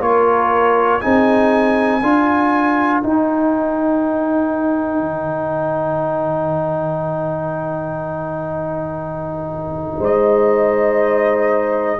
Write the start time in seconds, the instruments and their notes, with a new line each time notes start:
0.00 tuba A#3, trombone F4, horn A#4, trumpet C#5
1.01 tuba C4, trombone D#4, horn G#4, trumpet G#5
2.01 tuba D4, trombone F4, horn A#4
3.00 trombone D#4, tuba D#4, trumpet G5
5.00 tuba D#3
9.99 tuba G#3, horn C5, trumpet D#5